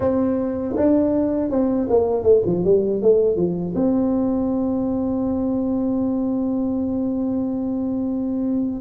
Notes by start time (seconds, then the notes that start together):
0.00 C4
0.76 D4
1.50 C4
1.89 A#3
2.23 A3
2.45 F3
2.64 G3
3.02 A3
3.36 F3
3.75 C4